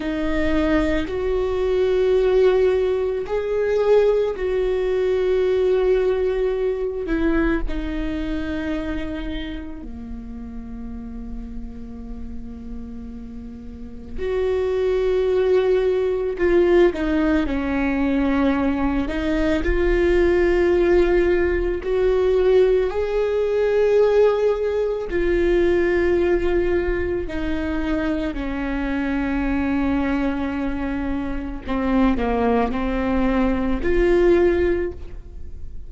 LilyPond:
\new Staff \with { instrumentName = "viola" } { \time 4/4 \tempo 4 = 55 dis'4 fis'2 gis'4 | fis'2~ fis'8 e'8 dis'4~ | dis'4 ais2.~ | ais4 fis'2 f'8 dis'8 |
cis'4. dis'8 f'2 | fis'4 gis'2 f'4~ | f'4 dis'4 cis'2~ | cis'4 c'8 ais8 c'4 f'4 | }